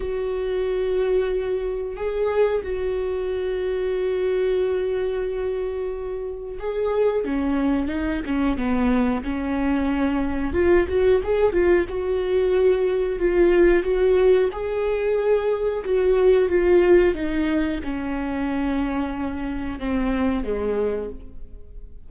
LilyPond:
\new Staff \with { instrumentName = "viola" } { \time 4/4 \tempo 4 = 91 fis'2. gis'4 | fis'1~ | fis'2 gis'4 cis'4 | dis'8 cis'8 b4 cis'2 |
f'8 fis'8 gis'8 f'8 fis'2 | f'4 fis'4 gis'2 | fis'4 f'4 dis'4 cis'4~ | cis'2 c'4 gis4 | }